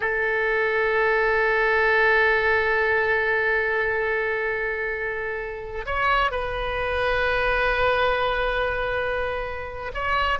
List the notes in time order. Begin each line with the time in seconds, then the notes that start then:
0.00 A4
5.86 C#5
6.31 B4
9.94 C#5